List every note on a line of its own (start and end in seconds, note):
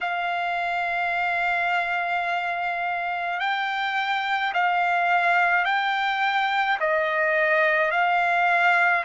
0.01 3.40 F5
3.40 4.53 G5
4.53 5.64 F5
5.64 6.78 G5
6.79 7.91 D#5
7.91 9.04 F5